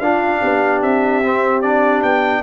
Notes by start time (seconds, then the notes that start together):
0.00 D4 F4 F5
0.40 B3 G4
0.82 C4 E5
1.24 C4
1.61 D4 D5
2.03 B3 G5